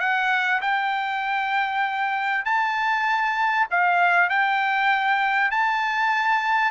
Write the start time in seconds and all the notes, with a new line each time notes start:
0.00 F#5
0.62 G5
2.45 A5
3.71 F5
4.29 G5
5.51 A5